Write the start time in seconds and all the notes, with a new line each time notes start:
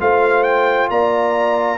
0.00 A3 F4 C5 F5
0.43 G5
0.90 A#3 D5 A#5